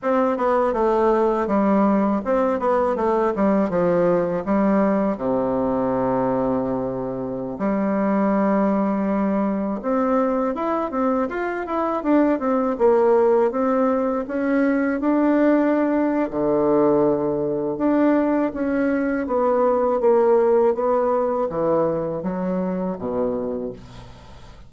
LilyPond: \new Staff \with { instrumentName = "bassoon" } { \time 4/4 \tempo 4 = 81 c'8 b8 a4 g4 c'8 b8 | a8 g8 f4 g4 c4~ | c2~ c16 g4.~ g16~ | g4~ g16 c'4 e'8 c'8 f'8 e'16~ |
e'16 d'8 c'8 ais4 c'4 cis'8.~ | cis'16 d'4.~ d'16 d2 | d'4 cis'4 b4 ais4 | b4 e4 fis4 b,4 | }